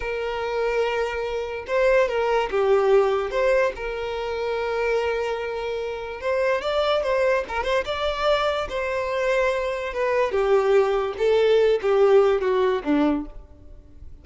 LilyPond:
\new Staff \with { instrumentName = "violin" } { \time 4/4 \tempo 4 = 145 ais'1 | c''4 ais'4 g'2 | c''4 ais'2.~ | ais'2. c''4 |
d''4 c''4 ais'8 c''8 d''4~ | d''4 c''2. | b'4 g'2 a'4~ | a'8 g'4. fis'4 d'4 | }